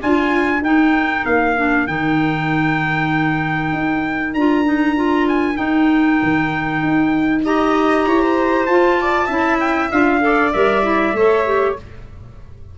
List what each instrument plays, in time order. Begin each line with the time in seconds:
0.00 tuba D4, clarinet F4, viola F4, trumpet G#5
0.61 tuba D#4, clarinet D#4, viola A#4, trumpet G5
1.26 tuba A#3, trumpet F5
1.57 clarinet D4
1.87 tuba D#3, clarinet D#4, trumpet G5
3.72 tuba D#4
4.34 tuba D4, clarinet F4, trumpet A#5
4.65 clarinet D#4
4.96 clarinet F4
5.29 trumpet G#5
5.55 clarinet D#4, tuba D#4, trumpet G5
6.23 tuba D#3
6.83 tuba D#4
7.45 clarinet G4, viola D#5, trumpet A#5
8.07 tuba E4, viola C#5
8.23 viola C5
8.66 tuba F4, clarinet F4, trumpet A5
9.01 viola D5
9.26 tuba C#4, clarinet E4, viola E5
9.60 trumpet G5
9.91 tuba D4, clarinet F4, trumpet F5
10.21 clarinet A4, viola D5
10.53 tuba G3, clarinet A#4, trumpet E5
10.83 clarinet E4
11.13 tuba A3, clarinet A4, viola C#5
11.46 clarinet G4